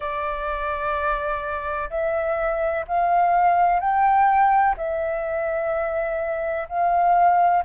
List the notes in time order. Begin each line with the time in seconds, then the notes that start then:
0.00 D5
1.90 E5
2.87 F5
3.80 G5
4.77 E5
6.68 F5